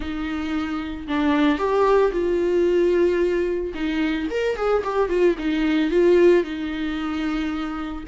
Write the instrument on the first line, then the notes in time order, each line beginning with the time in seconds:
viola
0.00 D#4
1.07 D4
1.58 G4
2.12 F4
3.74 D#4
4.30 A#4
4.56 G#4
4.84 G4
5.09 F4
5.38 D#4
5.91 F4
6.43 D#4